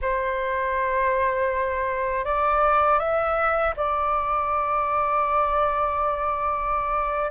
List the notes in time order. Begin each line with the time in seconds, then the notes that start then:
0.01 C5
2.24 D5
2.99 E5
3.76 D5